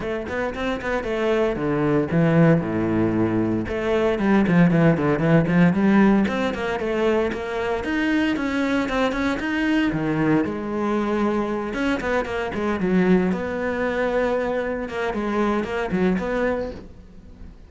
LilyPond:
\new Staff \with { instrumentName = "cello" } { \time 4/4 \tempo 4 = 115 a8 b8 c'8 b8 a4 d4 | e4 a,2 a4 | g8 f8 e8 d8 e8 f8 g4 | c'8 ais8 a4 ais4 dis'4 |
cis'4 c'8 cis'8 dis'4 dis4 | gis2~ gis8 cis'8 b8 ais8 | gis8 fis4 b2~ b8~ | b8 ais8 gis4 ais8 fis8 b4 | }